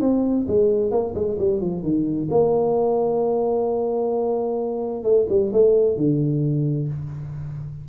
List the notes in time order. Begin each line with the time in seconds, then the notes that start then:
0.00 C4
0.47 G#3
0.91 A#3
1.15 G#3
1.38 G3
1.61 F3
1.83 D#3
2.30 A#3
5.03 A3
5.29 G3
5.52 A3
5.96 D3